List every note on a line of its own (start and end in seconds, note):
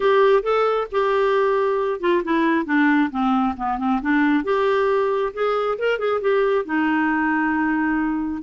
0.00 0.42 G4
0.42 0.87 A4
0.91 2.00 G4
2.00 2.22 F4
2.24 2.65 E4
2.65 3.10 D4
3.11 3.55 C4
3.56 3.78 B3
3.78 4.00 C4
4.01 4.44 D4
4.44 5.33 G4
5.33 5.78 G#4
5.78 5.98 A#4
5.98 6.20 G#4
6.21 6.65 G4
6.65 8.42 D#4